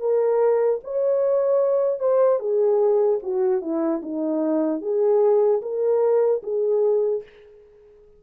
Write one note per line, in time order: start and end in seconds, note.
0.00 0.80 A#4
0.84 2.00 C#5
2.00 2.40 C5
2.40 3.20 G#4
3.23 3.62 F#4
3.62 4.02 E4
4.03 4.82 D#4
4.82 5.62 G#4
5.62 6.42 A#4
6.43 7.23 G#4